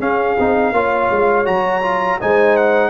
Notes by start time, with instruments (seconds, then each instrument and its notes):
0.00 tuba C#4, trombone C#4, horn G#4, trumpet F5
0.39 tuba C4, trombone D#4
0.73 tuba A#3, trombone F4, horn C#5
1.11 tuba G#3
1.45 tuba F#3, trombone F#4, trumpet A#5
1.82 trombone F4
2.21 tuba G#3, trombone D#4, horn C5, trumpet G#5
2.57 trumpet F#5